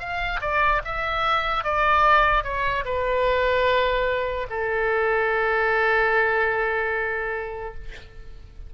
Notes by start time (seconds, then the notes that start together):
0.00 F5
0.41 D5
0.85 E5
1.64 D5
2.44 C#5
2.86 B4
4.50 A4